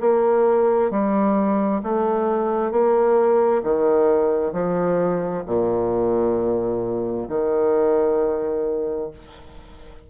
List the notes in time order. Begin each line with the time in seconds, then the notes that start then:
0.00 A#3
0.90 G3
1.83 A3
2.71 A#3
3.63 D#3
4.52 F3
5.46 A#2
7.29 D#3